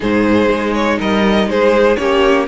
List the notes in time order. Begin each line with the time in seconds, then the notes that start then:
0.00 G#2 D#4 G#4 C5
0.49 G#3
0.74 C#5
0.99 G3 A#4 D#5
1.46 G#3 G#4 C5
1.96 A#3 C#4 G4 C#5